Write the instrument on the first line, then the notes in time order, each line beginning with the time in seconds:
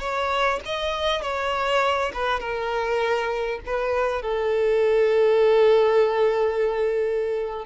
violin
0.00 C#5
0.65 D#5
1.22 C#5
2.14 B4
2.40 A#4
3.66 B4
4.22 A4